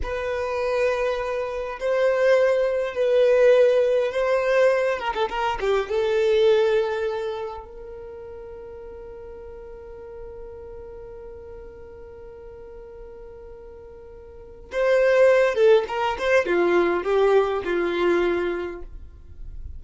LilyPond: \new Staff \with { instrumentName = "violin" } { \time 4/4 \tempo 4 = 102 b'2. c''4~ | c''4 b'2 c''4~ | c''8 ais'16 a'16 ais'8 g'8 a'2~ | a'4 ais'2.~ |
ais'1~ | ais'1~ | ais'4 c''4. a'8 ais'8 c''8 | f'4 g'4 f'2 | }